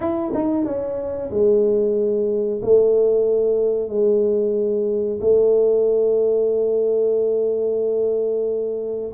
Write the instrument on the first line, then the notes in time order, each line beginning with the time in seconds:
tuba
0.00 E4
0.34 D#4
0.65 C#4
1.30 G#3
2.62 A3
3.89 G#3
5.20 A3